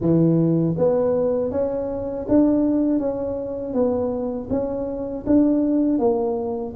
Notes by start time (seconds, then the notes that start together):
0.00 E3
0.77 B3
1.51 C#4
2.28 D4
2.99 C#4
3.73 B3
4.50 C#4
5.26 D4
5.98 A#3